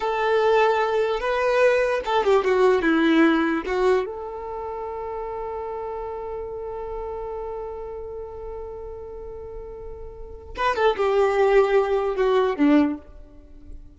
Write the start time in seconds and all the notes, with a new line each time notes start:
0.00 A4
1.20 B4
2.05 A4
2.24 G4
2.44 F#4
2.82 E4
3.65 F#4
4.05 A4
10.56 B4
10.75 A4
10.96 G4
12.16 F#4
12.56 D4